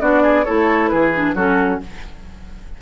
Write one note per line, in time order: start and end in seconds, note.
0.00 0.45 B3
0.00 0.45 D4
0.00 0.22 F#4
0.00 0.44 D5
0.22 0.44 G#4
0.44 0.92 A3
0.44 1.13 E4
0.44 0.90 A4
0.44 0.87 C#5
0.87 1.34 E3
0.87 1.35 G#4
0.87 1.33 B4
1.14 1.35 D4
1.34 1.79 F#3
1.34 1.81 C#4
1.34 1.80 F#4
1.34 1.81 A4